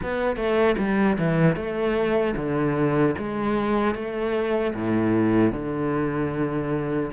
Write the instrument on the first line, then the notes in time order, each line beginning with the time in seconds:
cello
0.02 B3
0.36 A3
0.78 G3
1.18 E3
1.56 A3
2.36 D3
3.18 G#3
3.94 A3
4.74 A2
5.52 D3